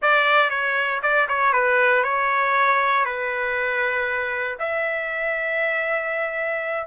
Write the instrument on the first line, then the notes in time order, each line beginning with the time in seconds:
trumpet
0.01 D5
0.50 C#5
1.02 D5
1.28 C#5
1.52 B4
2.03 C#5
3.05 B4
4.59 E5